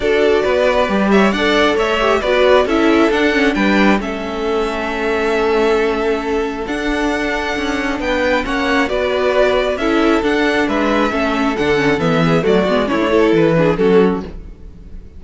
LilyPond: <<
  \new Staff \with { instrumentName = "violin" } { \time 4/4 \tempo 4 = 135 d''2~ d''8 e''8 fis''4 | e''4 d''4 e''4 fis''4 | g''4 e''2.~ | e''2. fis''4~ |
fis''2 g''4 fis''4 | d''2 e''4 fis''4 | e''2 fis''4 e''4 | d''4 cis''4 b'4 a'4 | }
  \new Staff \with { instrumentName = "violin" } { \time 4/4 a'4 b'4. cis''8 d''4 | cis''4 b'4 a'2 | b'4 a'2.~ | a'1~ |
a'2 b'4 cis''4 | b'2 a'2 | b'4 a'2~ a'8 gis'8 | fis'4 e'8 a'4 gis'8 fis'4 | }
  \new Staff \with { instrumentName = "viola" } { \time 4/4 fis'2 g'4 a'4~ | a'8 g'8 fis'4 e'4 d'8 cis'8 | d'4 cis'2.~ | cis'2. d'4~ |
d'2. cis'4 | fis'2 e'4 d'4~ | d'4 cis'4 d'8 cis'8 b4 | a8 b8 cis'16 d'16 e'4 d'8 cis'4 | }
  \new Staff \with { instrumentName = "cello" } { \time 4/4 d'4 b4 g4 d'4 | a4 b4 cis'4 d'4 | g4 a2.~ | a2. d'4~ |
d'4 cis'4 b4 ais4 | b2 cis'4 d'4 | gis4 a4 d4 e4 | fis8 gis8 a4 e4 fis4 | }
>>